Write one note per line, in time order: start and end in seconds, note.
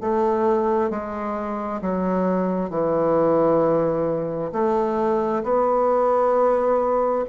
0.00 0.90 A3
0.90 1.81 G#3
1.81 2.69 F#3
2.69 4.51 E3
4.52 5.43 A3
5.43 7.25 B3